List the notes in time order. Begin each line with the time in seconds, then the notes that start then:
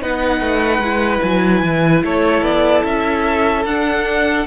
0.00 B3 D#4 B4 F#5
0.40 A3
0.78 G#3 E4
1.21 F#3 G#5
1.62 E3
2.03 A3 A4 C#5
2.42 B3 D5
2.84 C#4 E5
3.65 D4 F#5